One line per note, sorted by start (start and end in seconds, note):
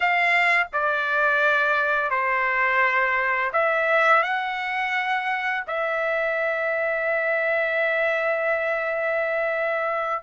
0.00 0.67 F5
0.72 2.10 D5
2.10 3.51 C5
3.53 4.22 E5
4.22 5.63 F#5
5.67 10.23 E5